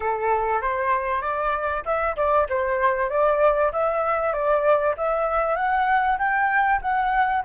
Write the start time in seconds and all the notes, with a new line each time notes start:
0.00 A4
0.61 C5
1.21 D5
1.85 E5
2.16 D5
2.49 C5
3.09 D5
3.72 E5
4.33 D5
4.97 E5
5.56 F#5
6.18 G5
6.81 F#5